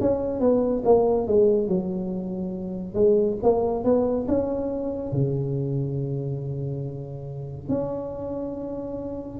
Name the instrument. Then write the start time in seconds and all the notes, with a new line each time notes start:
tuba
0.00 C#4
0.40 B3
0.85 A#3
1.27 G#3
1.68 F#3
2.94 G#3
3.42 A#3
3.84 B3
4.28 C#4
5.12 C#3
7.68 C#4